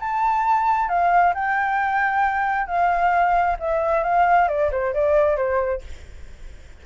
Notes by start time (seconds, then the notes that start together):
0.00 A5
0.89 F5
1.34 G5
2.67 F5
3.60 E5
4.03 F5
4.48 D5
4.72 C5
4.94 D5
5.36 C5